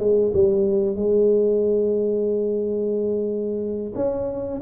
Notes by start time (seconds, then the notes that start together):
0.00 G#3
0.34 G3
0.96 G#3
3.96 C#4